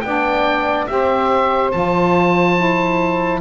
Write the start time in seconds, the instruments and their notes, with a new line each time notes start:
0.00 double bass B3, saxophone D4 D5, oboe G5
0.86 double bass C4, saxophone G4 C5, oboe E5
1.71 double bass F3, saxophone F4, oboe A5
2.56 saxophone E4